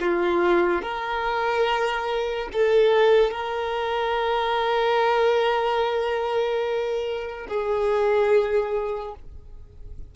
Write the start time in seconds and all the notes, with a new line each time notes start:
0.00 F4
0.82 A#4
2.53 A4
3.30 A#4
7.48 G#4